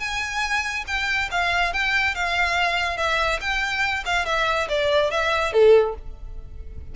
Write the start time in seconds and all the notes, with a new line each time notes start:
0.00 G#5
0.87 G5
1.31 F5
1.73 G5
2.15 F5
2.97 E5
3.41 G5
4.05 F5
4.26 E5
4.69 D5
5.11 E5
5.53 A4